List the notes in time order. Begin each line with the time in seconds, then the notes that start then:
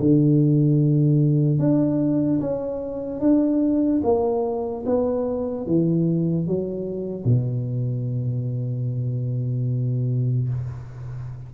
0.00 D3
1.59 D4
2.41 C#4
3.20 D4
4.04 A#3
4.86 B3
5.66 E3
6.47 F#3
7.25 B2